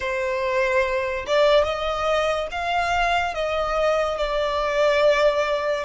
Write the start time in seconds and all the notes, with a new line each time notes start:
0.00 C5
1.26 D5
1.64 D#5
2.51 F5
3.34 D#5
4.17 D5